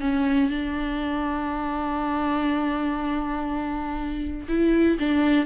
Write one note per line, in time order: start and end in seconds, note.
0.00 0.50 C#4
0.50 4.47 D4
4.48 4.98 E4
4.99 5.46 D4